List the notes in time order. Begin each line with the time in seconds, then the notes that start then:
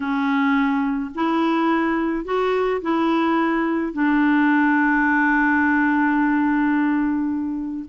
0.00 C#4
1.14 E4
2.25 F#4
2.81 E4
3.92 D4